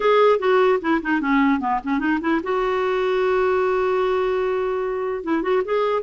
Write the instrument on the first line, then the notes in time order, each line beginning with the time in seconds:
clarinet
0.00 G#4
0.39 F#4
0.81 E4
1.02 D#4
1.21 C#4
1.59 B3
1.83 C#4
1.99 D#4
2.21 E4
2.43 F#4
5.23 E4
5.42 F#4
5.64 G#4